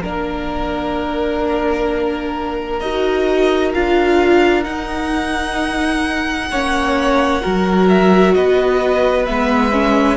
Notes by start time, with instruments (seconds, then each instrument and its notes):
0.00 cello A#3, viola D4, violin A#4
2.80 cello D#4, viola F#4, violin D#5
3.74 cello D4, viola F4, violin F5
4.63 viola D#4, cello D#4, violin F#5
6.51 cello A#3, viola C#4, violin C#5
7.41 cello F#3, viola F#4, violin A#4
7.89 violin E5
8.34 cello B3, violin B4 D#5
9.25 cello G#3, viola B3, violin E5
9.72 viola C#4